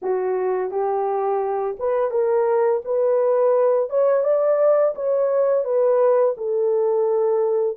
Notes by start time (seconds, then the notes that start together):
0.02 F#4
0.70 G4
1.79 B4
2.10 A#4
2.84 B4
3.89 C#5
4.24 D5
4.95 C#5
5.64 B4
6.37 A4